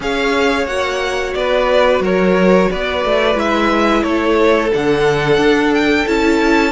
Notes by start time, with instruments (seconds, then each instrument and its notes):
0.00 cello C#4, viola G#4, violin C#5 F5
0.66 cello A#3, viola F#4, violin F#5
1.34 cello B3, violin B4 D5
2.00 cello F#3, violin A#4 C#5
2.70 cello B3, violin B4 D5
3.04 cello A3
3.34 cello G#3, viola E4, violin E5
4.03 cello A3, violin A4 C#5
4.72 cello D3, viola D4, violin F#5
5.37 cello D4
5.73 violin G5
6.07 cello C#4, viola E4, violin A5